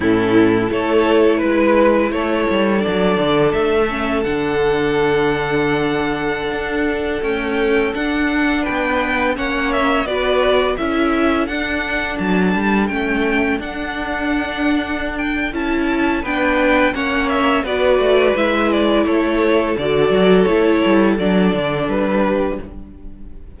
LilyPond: <<
  \new Staff \with { instrumentName = "violin" } { \time 4/4 \tempo 4 = 85 a'4 cis''4 b'4 cis''4 | d''4 e''4 fis''2~ | fis''2~ fis''16 g''4 fis''8.~ | fis''16 g''4 fis''8 e''8 d''4 e''8.~ |
e''16 fis''4 a''4 g''4 fis''8.~ | fis''4. g''8 a''4 g''4 | fis''8 e''8 d''4 e''8 d''8 cis''4 | d''4 cis''4 d''4 b'4 | }
  \new Staff \with { instrumentName = "violin" } { \time 4/4 e'4 a'4 b'4 a'4~ | a'1~ | a'1~ | a'16 b'4 cis''4 b'4 a'8.~ |
a'1~ | a'2. b'4 | cis''4 b'2 a'4~ | a'2.~ a'8 g'8 | }
  \new Staff \with { instrumentName = "viola" } { \time 4/4 cis'4 e'2. | d'4. cis'8 d'2~ | d'2~ d'16 a4 d'8.~ | d'4~ d'16 cis'4 fis'4 e'8.~ |
e'16 d'2 cis'4 d'8.~ | d'2 e'4 d'4 | cis'4 fis'4 e'2 | fis'4 e'4 d'2 | }
  \new Staff \with { instrumentName = "cello" } { \time 4/4 a,4 a4 gis4 a8 g8 | fis8 d8 a4 d2~ | d4~ d16 d'4 cis'4 d'8.~ | d'16 b4 ais4 b4 cis'8.~ |
cis'16 d'4 fis8 g8 a4 d'8.~ | d'2 cis'4 b4 | ais4 b8 a8 gis4 a4 | d8 fis8 a8 g8 fis8 d8 g4 | }
>>